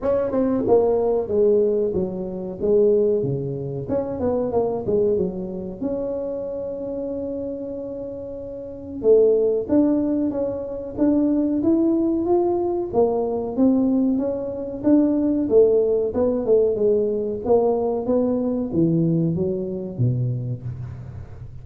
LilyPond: \new Staff \with { instrumentName = "tuba" } { \time 4/4 \tempo 4 = 93 cis'8 c'8 ais4 gis4 fis4 | gis4 cis4 cis'8 b8 ais8 gis8 | fis4 cis'2.~ | cis'2 a4 d'4 |
cis'4 d'4 e'4 f'4 | ais4 c'4 cis'4 d'4 | a4 b8 a8 gis4 ais4 | b4 e4 fis4 b,4 | }